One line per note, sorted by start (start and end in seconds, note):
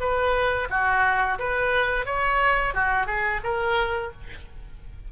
0.00 0.68 B4
0.70 1.39 F#4
1.39 2.06 B4
2.06 2.74 C#5
2.74 3.06 F#4
3.06 3.40 G#4
3.44 4.12 A#4